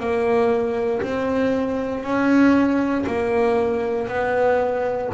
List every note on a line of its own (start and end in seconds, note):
0.00 1.02 A#3
1.02 2.03 C4
2.03 3.05 C#4
3.07 4.08 A#3
4.08 5.09 B3